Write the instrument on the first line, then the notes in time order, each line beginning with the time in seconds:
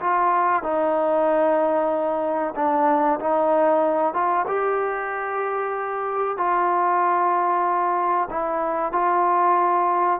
trombone
0.00 F4
0.63 D#4
2.55 D4
3.20 D#4
4.14 F4
4.47 G4
6.37 F4
8.30 E4
8.92 F4